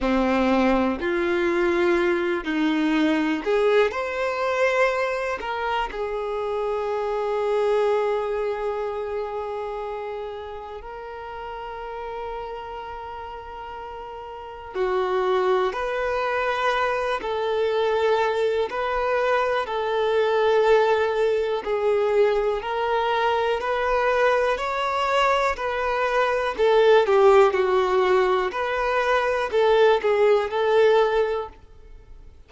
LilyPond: \new Staff \with { instrumentName = "violin" } { \time 4/4 \tempo 4 = 61 c'4 f'4. dis'4 gis'8 | c''4. ais'8 gis'2~ | gis'2. ais'4~ | ais'2. fis'4 |
b'4. a'4. b'4 | a'2 gis'4 ais'4 | b'4 cis''4 b'4 a'8 g'8 | fis'4 b'4 a'8 gis'8 a'4 | }